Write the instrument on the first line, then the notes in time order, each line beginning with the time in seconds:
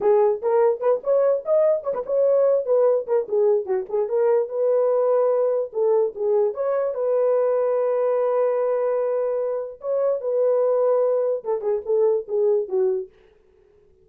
horn
0.00 G#4
0.42 A#4
0.80 B4
1.03 C#5
1.45 D#5
1.83 C#5
1.94 B4
2.06 C#5
2.65 B4
3.06 A#4
3.28 G#4
3.65 F#4
3.89 G#4
4.08 A#4
4.48 B4
5.72 A4
6.15 G#4
6.54 C#5
6.94 B4
9.80 C#5
10.21 B4
11.44 A4
11.61 G#4
11.85 A4
12.27 G#4
12.68 F#4